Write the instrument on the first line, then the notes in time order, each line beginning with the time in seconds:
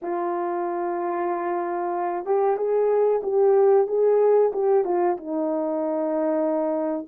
horn
0.02 F4
2.25 G4
2.56 G#4
3.23 G4
3.87 G#4
4.52 G4
4.84 F4
5.17 D#4